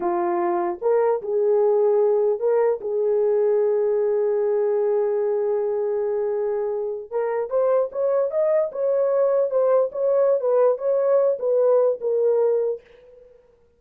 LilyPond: \new Staff \with { instrumentName = "horn" } { \time 4/4 \tempo 4 = 150 f'2 ais'4 gis'4~ | gis'2 ais'4 gis'4~ | gis'1~ | gis'1~ |
gis'4.~ gis'16 ais'4 c''4 cis''16~ | cis''8. dis''4 cis''2 c''16~ | c''8. cis''4~ cis''16 b'4 cis''4~ | cis''8 b'4. ais'2 | }